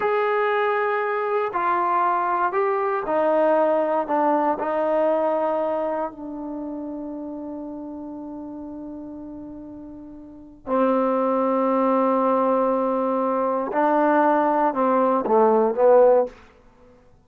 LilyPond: \new Staff \with { instrumentName = "trombone" } { \time 4/4 \tempo 4 = 118 gis'2. f'4~ | f'4 g'4 dis'2 | d'4 dis'2. | d'1~ |
d'1~ | d'4 c'2.~ | c'2. d'4~ | d'4 c'4 a4 b4 | }